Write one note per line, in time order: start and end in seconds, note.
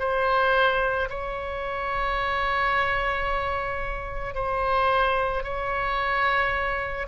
0.00 1.09 C5
1.10 4.35 C#5
4.35 5.44 C5
5.44 7.08 C#5